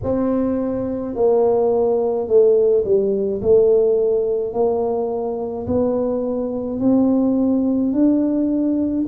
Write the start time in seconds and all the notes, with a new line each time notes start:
0.03 C4
1.15 A#3
2.27 A3
2.84 G3
3.41 A3
4.53 A#3
5.66 B3
6.79 C4
7.92 D4